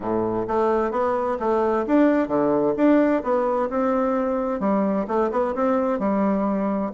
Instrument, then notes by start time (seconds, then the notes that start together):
bassoon
0.00 A2
0.47 A3
0.91 B3
1.39 A3
1.86 D4
2.28 D3
2.77 D4
3.23 B3
3.69 C4
4.59 G3
5.07 A3
5.31 B3
5.54 C4
5.99 G3